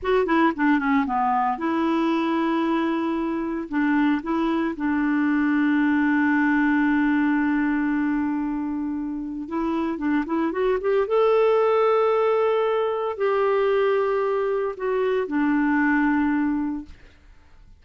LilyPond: \new Staff \with { instrumentName = "clarinet" } { \time 4/4 \tempo 4 = 114 fis'8 e'8 d'8 cis'8 b4 e'4~ | e'2. d'4 | e'4 d'2.~ | d'1~ |
d'2 e'4 d'8 e'8 | fis'8 g'8 a'2.~ | a'4 g'2. | fis'4 d'2. | }